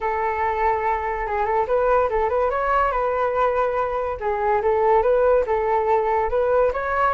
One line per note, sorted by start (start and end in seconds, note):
0.00 1.26 A4
1.26 1.45 G#4
1.45 1.66 A4
1.67 2.09 B4
2.09 2.29 A4
2.29 2.50 B4
2.50 2.91 C#5
2.91 4.17 B4
4.19 4.61 G#4
4.62 5.02 A4
5.02 5.44 B4
5.46 6.30 A4
6.30 6.72 B4
6.73 7.14 C#5